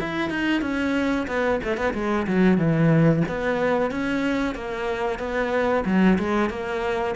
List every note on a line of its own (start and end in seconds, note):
0.00 0.30 E4
0.30 0.62 D#4
0.62 1.27 C#4
1.28 1.60 B3
1.64 1.78 A3
1.78 1.94 B3
1.94 2.27 G#3
2.27 2.58 F#3
2.58 3.23 E3
3.29 3.92 B3
3.92 4.55 C#4
4.55 5.19 A#3
5.19 5.85 B3
5.86 6.18 F#3
6.19 6.50 G#3
6.50 7.15 A#3